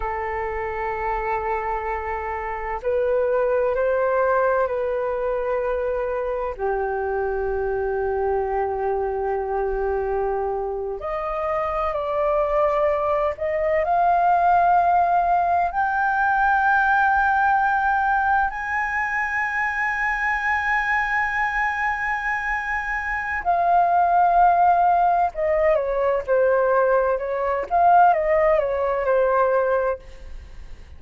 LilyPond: \new Staff \with { instrumentName = "flute" } { \time 4/4 \tempo 4 = 64 a'2. b'4 | c''4 b'2 g'4~ | g'2.~ g'8. dis''16~ | dis''8. d''4. dis''8 f''4~ f''16~ |
f''8. g''2. gis''16~ | gis''1~ | gis''4 f''2 dis''8 cis''8 | c''4 cis''8 f''8 dis''8 cis''8 c''4 | }